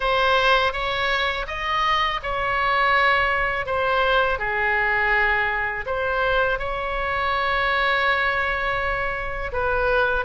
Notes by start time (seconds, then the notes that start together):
0.00 C5
0.73 C#5
1.47 D#5
2.22 C#5
3.66 C5
4.38 G#4
5.86 C5
6.59 C#5
9.52 B4